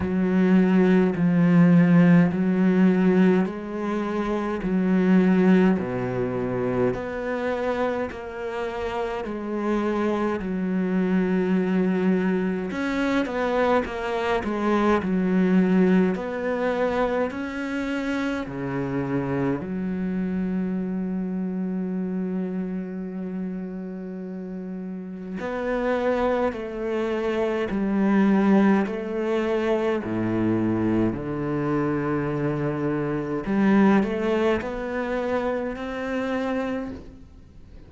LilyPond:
\new Staff \with { instrumentName = "cello" } { \time 4/4 \tempo 4 = 52 fis4 f4 fis4 gis4 | fis4 b,4 b4 ais4 | gis4 fis2 cis'8 b8 | ais8 gis8 fis4 b4 cis'4 |
cis4 fis2.~ | fis2 b4 a4 | g4 a4 a,4 d4~ | d4 g8 a8 b4 c'4 | }